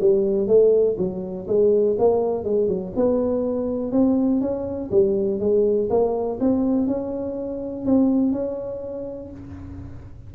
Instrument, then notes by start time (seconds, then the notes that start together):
tuba
0.00 G3
0.47 A3
0.97 F#3
1.48 G#3
1.99 A#3
2.44 G#3
2.68 F#3
2.96 B3
3.92 C4
4.41 C#4
4.91 G3
5.40 G#3
5.90 A#3
6.40 C4
6.87 C#4
7.85 C4
8.32 C#4